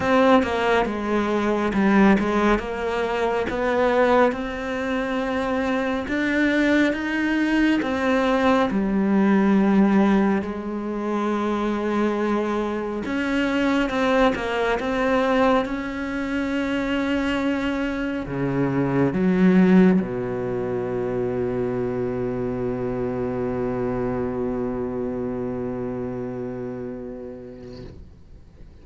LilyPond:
\new Staff \with { instrumentName = "cello" } { \time 4/4 \tempo 4 = 69 c'8 ais8 gis4 g8 gis8 ais4 | b4 c'2 d'4 | dis'4 c'4 g2 | gis2. cis'4 |
c'8 ais8 c'4 cis'2~ | cis'4 cis4 fis4 b,4~ | b,1~ | b,1 | }